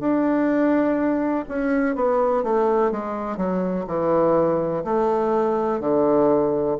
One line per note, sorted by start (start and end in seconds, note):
0.00 1.45 D4
1.49 1.96 C#4
1.96 2.44 B3
2.44 2.92 A3
2.92 3.37 G#3
3.37 3.85 F#3
3.87 4.84 E3
4.84 5.80 A3
5.80 6.77 D3